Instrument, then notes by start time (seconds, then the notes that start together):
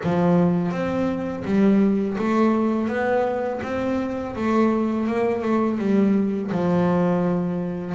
double bass
0.03 F3
0.71 C4
1.44 G3
2.18 A3
2.88 B3
3.62 C4
4.35 A3
5.06 A#3
5.42 A3
5.78 G3
6.51 F3